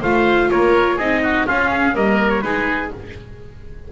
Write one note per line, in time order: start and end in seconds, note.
0.00 0.50 A3
0.00 0.99 F4
0.00 0.48 C5
0.00 0.50 F5
0.50 0.98 A#3
0.50 0.96 A#4
0.50 0.98 C#5
0.96 1.46 C4
0.96 1.47 D#4
0.96 1.20 G#4
0.96 1.46 D#5
1.23 1.46 F#4
1.46 1.93 C#4
1.46 1.95 C#4
1.46 1.70 F4
1.46 1.96 F5
1.70 1.94 G#4
1.93 2.43 G3
1.93 2.41 A#3
1.93 2.43 A#4
1.93 2.29 D#5
2.29 2.41 C#5
2.41 2.91 G#3
2.41 2.91 D#4
2.41 2.92 G#4
2.41 2.89 B4